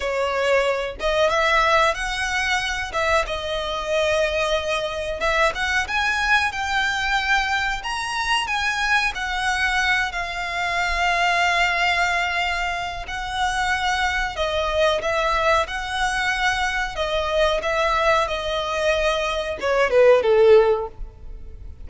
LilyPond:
\new Staff \with { instrumentName = "violin" } { \time 4/4 \tempo 4 = 92 cis''4. dis''8 e''4 fis''4~ | fis''8 e''8 dis''2. | e''8 fis''8 gis''4 g''2 | ais''4 gis''4 fis''4. f''8~ |
f''1 | fis''2 dis''4 e''4 | fis''2 dis''4 e''4 | dis''2 cis''8 b'8 a'4 | }